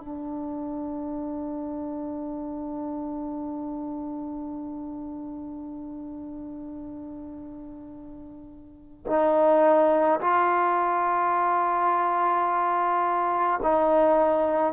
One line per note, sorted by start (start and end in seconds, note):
0.00 9.06 D4
9.07 10.20 D#4
10.20 13.60 F4
13.63 14.73 D#4